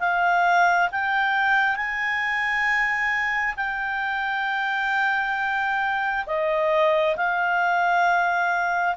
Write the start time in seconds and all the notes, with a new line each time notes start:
0.00 F5
0.92 G5
1.76 G#5
3.57 G5
6.27 D#5
7.16 F5